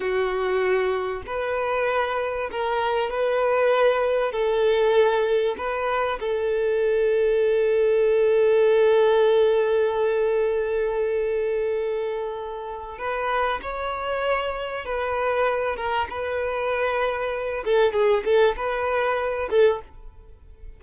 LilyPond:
\new Staff \with { instrumentName = "violin" } { \time 4/4 \tempo 4 = 97 fis'2 b'2 | ais'4 b'2 a'4~ | a'4 b'4 a'2~ | a'1~ |
a'1~ | a'4 b'4 cis''2 | b'4. ais'8 b'2~ | b'8 a'8 gis'8 a'8 b'4. a'8 | }